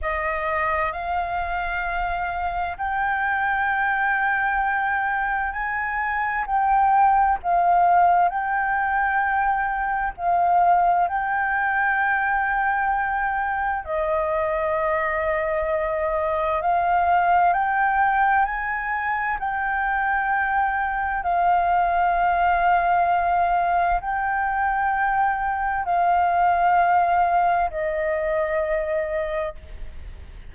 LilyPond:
\new Staff \with { instrumentName = "flute" } { \time 4/4 \tempo 4 = 65 dis''4 f''2 g''4~ | g''2 gis''4 g''4 | f''4 g''2 f''4 | g''2. dis''4~ |
dis''2 f''4 g''4 | gis''4 g''2 f''4~ | f''2 g''2 | f''2 dis''2 | }